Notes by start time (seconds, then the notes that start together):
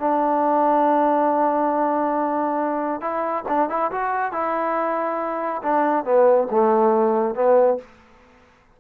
0.00 D4
3.02 E4
3.49 D4
3.70 E4
3.92 F#4
4.33 E4
5.63 D4
6.05 B3
6.51 A3
7.35 B3